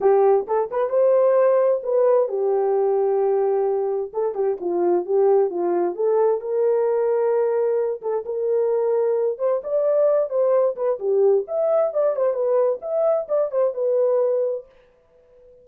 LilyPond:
\new Staff \with { instrumentName = "horn" } { \time 4/4 \tempo 4 = 131 g'4 a'8 b'8 c''2 | b'4 g'2.~ | g'4 a'8 g'8 f'4 g'4 | f'4 a'4 ais'2~ |
ais'4. a'8 ais'2~ | ais'8 c''8 d''4. c''4 b'8 | g'4 e''4 d''8 c''8 b'4 | e''4 d''8 c''8 b'2 | }